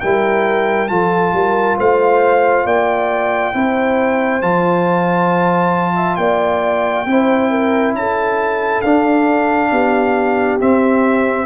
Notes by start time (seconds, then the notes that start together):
0.00 G3 E4 A#4 G5
0.88 F3 F4 A4 A5
1.33 G3 A#4
1.77 A3 C5 F5
2.65 A#3 D5 G5
3.53 C4 E4 C5
4.41 F3 F4 A5
5.95 E5
6.16 A#3 D5 G5
7.06 C4 E4 C5
7.50 A#4
7.93 C#4 A4 A5
8.81 D4 F5
9.71 B3 G4
10.60 C4 E5